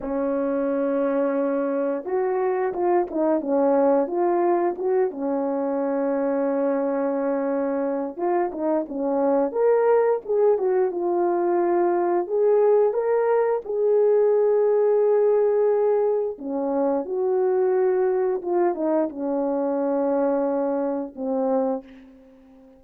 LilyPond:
\new Staff \with { instrumentName = "horn" } { \time 4/4 \tempo 4 = 88 cis'2. fis'4 | f'8 dis'8 cis'4 f'4 fis'8 cis'8~ | cis'1 | f'8 dis'8 cis'4 ais'4 gis'8 fis'8 |
f'2 gis'4 ais'4 | gis'1 | cis'4 fis'2 f'8 dis'8 | cis'2. c'4 | }